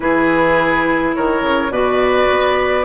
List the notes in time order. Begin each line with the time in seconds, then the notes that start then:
0.00 E3 E4 G#4 B4
1.15 D#3 A#4 C#5
1.41 C#3
1.70 B2 F#4 B4 D5
2.30 B3